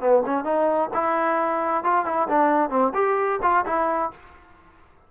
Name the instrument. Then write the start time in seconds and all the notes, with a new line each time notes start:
trombone
0.00 B3
0.25 C#4
0.44 D#4
0.94 E4
1.84 F4
2.05 E4
2.28 D4
2.69 C4
2.94 G4
3.42 F4
3.65 E4